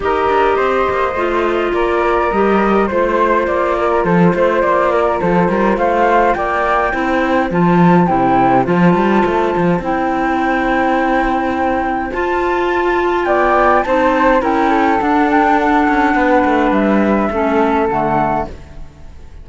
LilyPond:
<<
  \new Staff \with { instrumentName = "flute" } { \time 4/4 \tempo 4 = 104 dis''2. d''4 | dis''4 c''4 d''4 c''4 | d''4 c''4 f''4 g''4~ | g''4 a''4 g''4 a''4~ |
a''4 g''2.~ | g''4 a''2 g''4 | a''4 g''4 fis''8 g''8 fis''4~ | fis''4 e''2 fis''4 | }
  \new Staff \with { instrumentName = "flute" } { \time 4/4 ais'4 c''2 ais'4~ | ais'4 c''4. ais'8 a'8 c''8~ | c''8 ais'8 a'8 ais'8 c''4 d''4 | c''1~ |
c''1~ | c''2. d''4 | c''4 ais'8 a'2~ a'8 | b'2 a'2 | }
  \new Staff \with { instrumentName = "clarinet" } { \time 4/4 g'2 f'2 | g'4 f'2.~ | f'1 | e'4 f'4 e'4 f'4~ |
f'4 e'2.~ | e'4 f'2. | dis'4 e'4 d'2~ | d'2 cis'4 a4 | }
  \new Staff \with { instrumentName = "cello" } { \time 4/4 dis'8 d'8 c'8 ais8 a4 ais4 | g4 a4 ais4 f8 a8 | ais4 f8 g8 a4 ais4 | c'4 f4 c4 f8 g8 |
a8 f8 c'2.~ | c'4 f'2 b4 | c'4 cis'4 d'4. cis'8 | b8 a8 g4 a4 d4 | }
>>